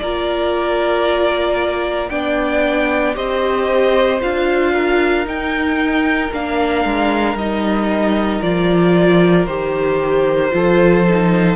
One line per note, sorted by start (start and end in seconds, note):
0.00 2.11 A#3
0.00 2.11 F4
0.00 2.11 A#4
0.00 2.10 D5
2.10 3.17 B3
2.10 3.15 D4
2.10 3.16 D5
2.10 3.15 G5
3.15 4.22 C4
3.15 4.20 G4
3.15 4.73 C5
3.15 4.21 D#5
4.21 5.27 D4
4.21 5.26 F4
4.21 5.27 F5
4.73 10.52 A#4
5.26 6.32 D#4
5.26 6.33 G5
6.33 6.85 A#3
6.33 7.38 D4
6.33 7.38 F5
6.85 7.35 G#3
7.35 8.40 G3
7.35 8.43 D#4
7.35 8.43 D#5
8.43 9.47 F3
8.43 9.48 F4
8.43 9.46 D5
9.46 10.52 D#3
9.46 10.51 G4
9.46 11.57 C5
10.51 11.57 F3
10.51 11.04 F4
10.51 11.57 A4
11.09 11.57 D#4